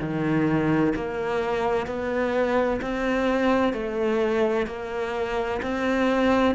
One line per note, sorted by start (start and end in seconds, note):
0.00 0.94 D#3
0.96 1.87 A#3
1.87 2.81 B3
2.82 3.74 C4
3.74 4.67 A3
4.67 5.61 A#3
5.62 6.55 C4